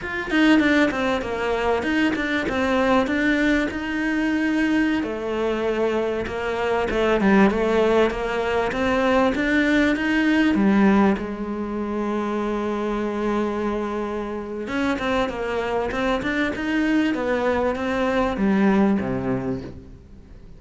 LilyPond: \new Staff \with { instrumentName = "cello" } { \time 4/4 \tempo 4 = 98 f'8 dis'8 d'8 c'8 ais4 dis'8 d'8 | c'4 d'4 dis'2~ | dis'16 a2 ais4 a8 g16~ | g16 a4 ais4 c'4 d'8.~ |
d'16 dis'4 g4 gis4.~ gis16~ | gis1 | cis'8 c'8 ais4 c'8 d'8 dis'4 | b4 c'4 g4 c4 | }